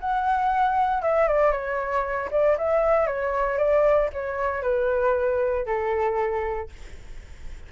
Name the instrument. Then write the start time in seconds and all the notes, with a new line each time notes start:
flute
0.00 F#5
1.02 E5
1.28 D5
1.52 C#5
2.31 D5
2.57 E5
3.06 C#5
3.57 D5
4.13 C#5
4.62 B4
5.66 A4